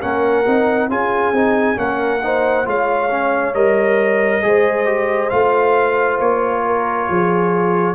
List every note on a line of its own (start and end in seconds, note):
0.00 0.47 A#3
0.00 0.45 C#4
0.00 0.88 A#4
0.00 0.89 F#5
0.46 0.89 C4
0.46 0.90 D#4
0.89 1.32 C#4
0.89 1.34 F4
0.89 1.78 G#4
0.89 1.78 G#5
1.32 1.76 C4
1.32 1.75 D#4
1.75 2.66 A#3
1.75 2.19 C#4
1.75 2.24 A#4
1.75 2.67 F#5
2.23 2.65 D#4
2.23 2.66 C5
2.65 3.54 G#3
2.65 3.09 F4
2.65 4.43 C#5
2.65 3.54 F5
3.10 3.54 C#4
3.54 4.42 G3
3.54 4.42 A#4
3.54 5.30 D#5
4.42 5.32 G#3
4.42 4.85 G#4
4.42 6.65 C5
4.85 5.29 G4
5.30 6.19 A3
5.30 7.94 F4
5.30 6.18 F5
6.19 7.08 A#3
6.19 7.94 C#5
6.65 7.09 A#4
7.09 7.94 F3
7.09 7.94 G#4